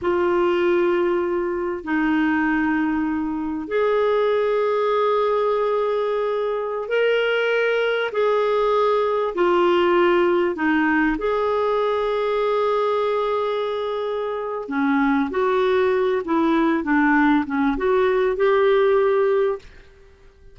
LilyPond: \new Staff \with { instrumentName = "clarinet" } { \time 4/4 \tempo 4 = 98 f'2. dis'4~ | dis'2 gis'2~ | gis'2.~ gis'16 ais'8.~ | ais'4~ ais'16 gis'2 f'8.~ |
f'4~ f'16 dis'4 gis'4.~ gis'16~ | gis'1 | cis'4 fis'4. e'4 d'8~ | d'8 cis'8 fis'4 g'2 | }